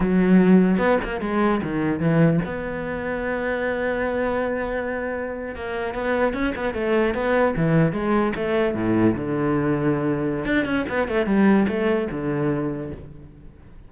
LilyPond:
\new Staff \with { instrumentName = "cello" } { \time 4/4 \tempo 4 = 149 fis2 b8 ais8 gis4 | dis4 e4 b2~ | b1~ | b4.~ b16 ais4 b4 cis'16~ |
cis'16 b8 a4 b4 e4 gis16~ | gis8. a4 a,4 d4~ d16~ | d2 d'8 cis'8 b8 a8 | g4 a4 d2 | }